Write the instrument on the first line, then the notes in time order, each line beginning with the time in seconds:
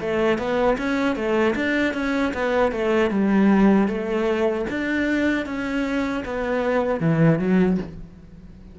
cello
0.00 A3
0.38 B3
0.77 C#4
1.15 A3
1.55 D4
1.93 C#4
2.33 B3
2.72 A3
3.10 G3
3.87 A3
4.69 D4
5.45 C#4
6.25 B3
7.00 E3
7.38 F#3